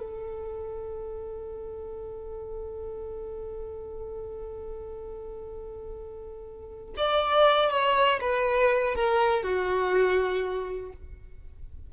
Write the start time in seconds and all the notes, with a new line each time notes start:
0.00 A4
6.98 D5
7.71 C#5
8.21 B4
8.95 A#4
9.44 F#4